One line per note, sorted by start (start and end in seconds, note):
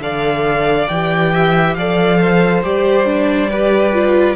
0.00 0.87 D3
0.00 0.89 A4
0.00 1.33 D5
0.00 0.88 F5
0.88 1.76 E3
0.88 1.79 G4
0.88 1.74 G5
1.33 1.76 E5
1.74 2.63 F3
1.74 2.64 A4
1.74 2.20 D5
1.74 2.61 F5
2.20 3.50 C5
2.63 4.36 G3
2.63 3.05 G4
2.63 4.36 D5
3.05 3.49 D4
3.50 3.93 G4
3.50 4.36 B4
3.93 4.36 F4